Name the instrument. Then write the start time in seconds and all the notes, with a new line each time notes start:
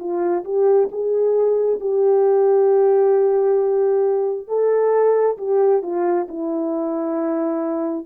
horn
0.00 F4
0.45 G4
0.92 G#4
1.81 G4
4.48 A4
5.38 G4
5.83 F4
6.29 E4